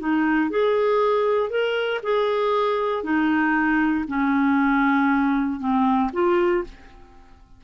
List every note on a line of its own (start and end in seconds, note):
0.00 0.51 D#4
0.51 1.50 G#4
1.50 2.01 A#4
2.03 3.04 G#4
3.04 4.05 D#4
4.08 5.60 C#4
5.60 6.11 C4
6.14 6.64 F4